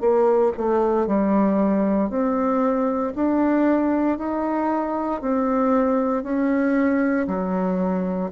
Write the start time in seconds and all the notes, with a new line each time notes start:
0.00 A#3
0.57 A3
1.06 G3
2.09 C4
3.15 D4
4.18 D#4
5.21 C4
6.23 C#4
7.27 F#3